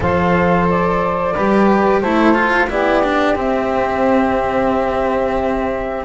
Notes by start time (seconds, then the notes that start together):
0.00 F3 A4 C5 F5
0.69 D5
1.35 G3 G4 B4
2.01 A3 E4 A4 C5
2.34 F4
2.69 B3 E4 G4 D5
3.03 D4
3.35 C4 E5